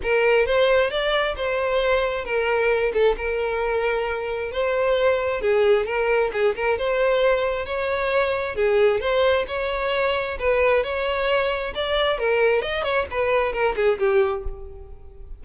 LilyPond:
\new Staff \with { instrumentName = "violin" } { \time 4/4 \tempo 4 = 133 ais'4 c''4 d''4 c''4~ | c''4 ais'4. a'8 ais'4~ | ais'2 c''2 | gis'4 ais'4 gis'8 ais'8 c''4~ |
c''4 cis''2 gis'4 | c''4 cis''2 b'4 | cis''2 d''4 ais'4 | dis''8 cis''8 b'4 ais'8 gis'8 g'4 | }